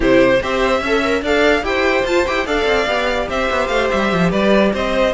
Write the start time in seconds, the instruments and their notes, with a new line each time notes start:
0.00 cello C3, viola E4, violin G4 C5
0.42 cello C4, viola G4, violin C5 E5
0.80 cello C#4, viola A4, violin E5
1.03 viola A#4
1.22 cello D4, viola A4, violin D5 F5
1.62 cello E4, viola G4, violin C5 G5
2.04 cello F4, viola F4, violin A5
2.25 cello E4, viola G4, violin G5
2.46 cello D4, viola A4, violin D5 F5
2.65 cello C4
2.86 cello B3, viola G4
3.28 cello C4, violin C5 E5
3.50 cello B3
3.67 cello A3, violin F5
3.90 cello G3, violin E5
4.13 cello F3
4.30 cello G3, violin B4 D5
4.73 cello C4, violin C5 D#5